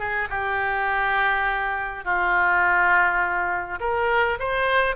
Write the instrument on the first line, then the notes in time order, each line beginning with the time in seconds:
oboe
0.00 G#4
0.30 G4
2.05 F4
3.81 A#4
4.40 C5